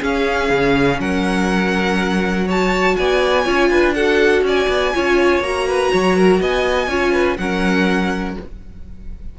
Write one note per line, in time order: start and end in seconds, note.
0.00 2.46 C#4
0.00 0.50 C#4
0.00 0.98 G#4
0.00 1.00 F5
0.50 0.99 C#3
0.99 2.96 F#3
0.99 2.47 A#4
0.99 2.48 F#5
2.47 3.45 F#4
2.47 2.96 C#5
2.47 2.97 A5
2.97 3.46 B3
2.97 3.44 D5
2.97 3.94 G#5
3.44 3.70 C#4
3.44 3.94 F4
3.44 3.69 C#5
3.70 4.42 D4
3.70 3.95 B4
3.94 4.94 F#4
3.94 4.44 A4
3.94 4.43 F#5
4.42 4.66 C#4
4.42 4.94 D5
4.42 5.43 G#5
4.68 4.93 B3
4.94 5.40 C#4
4.94 5.43 F4
4.94 5.68 C#5
5.40 5.89 A#3
5.40 6.88 F#4
5.40 6.41 A#5
5.68 5.92 B4
5.92 6.40 F#3
5.92 6.16 C#5
6.16 6.41 A#4
6.40 6.88 B3
6.40 6.88 D#5
6.40 7.37 G#5
6.88 7.37 C#4
6.88 7.37 F4
6.88 7.12 C#5
7.12 7.37 B4
7.37 8.36 F#3
7.37 8.38 C#4
7.37 8.39 A#4
7.37 8.36 F#5